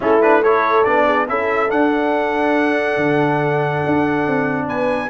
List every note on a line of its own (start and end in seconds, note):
0.00 0.86 A3
0.00 0.20 C#4
0.00 0.41 E4
0.00 0.21 A4
0.21 0.43 D4
0.21 0.42 B4
0.41 0.84 E4
0.41 1.05 A4
0.41 0.84 C#5
0.84 1.28 B3
0.84 1.27 D4
0.84 1.26 D5
1.05 1.27 G#4
1.28 1.69 C#4
1.28 1.68 E4
1.28 4.66 A4
1.28 1.70 E5
1.68 5.09 D4
1.68 2.96 D4
1.68 4.68 F#5
2.96 3.81 D3
3.85 4.27 D4
4.27 4.67 C4
4.66 5.09 B3
4.66 5.09 B4
4.66 5.09 G#5